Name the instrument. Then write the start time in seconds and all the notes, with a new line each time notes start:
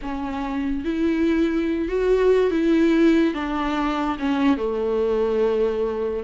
viola
0.02 C#4
0.84 E4
1.88 F#4
2.50 E4
3.34 D4
4.18 C#4
4.57 A3